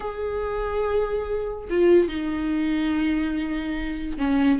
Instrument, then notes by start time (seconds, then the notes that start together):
viola
0.00 G#4
1.69 F4
2.08 D#4
4.18 C#4